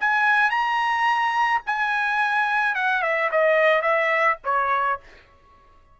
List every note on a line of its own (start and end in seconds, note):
0.00 0.50 G#5
0.50 1.61 A#5
1.66 2.75 G#5
2.75 3.02 F#5
3.02 3.30 E5
3.31 3.82 D#5
3.82 4.37 E5
4.44 4.99 C#5